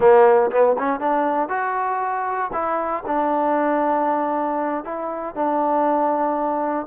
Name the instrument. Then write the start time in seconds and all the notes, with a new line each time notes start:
trombone
0.00 A#3
0.51 B3
0.78 C#4
1.00 D4
1.49 F#4
2.52 E4
3.06 D4
4.84 E4
5.35 D4